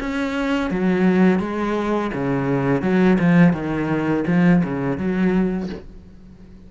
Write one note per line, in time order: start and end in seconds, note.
0.00 0.71 C#4
0.71 1.40 F#3
1.40 2.11 G#3
2.14 2.82 C#3
2.82 3.18 F#3
3.19 3.53 F3
3.53 4.25 D#3
4.27 4.63 F3
4.64 4.98 C#3
4.98 5.69 F#3